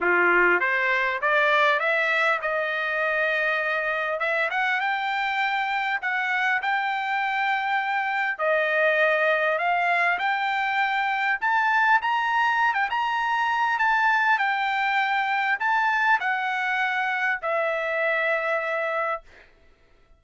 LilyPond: \new Staff \with { instrumentName = "trumpet" } { \time 4/4 \tempo 4 = 100 f'4 c''4 d''4 e''4 | dis''2. e''8 fis''8 | g''2 fis''4 g''4~ | g''2 dis''2 |
f''4 g''2 a''4 | ais''4~ ais''16 g''16 ais''4. a''4 | g''2 a''4 fis''4~ | fis''4 e''2. | }